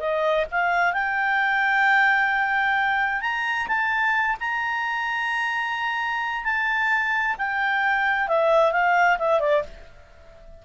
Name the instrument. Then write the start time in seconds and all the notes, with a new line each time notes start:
clarinet
0.00 D#5
0.52 F5
0.94 G5
3.22 A#5
3.68 A5
4.40 A#5
6.45 A5
7.38 G5
8.29 E5
8.72 F5
9.19 E5
9.41 D5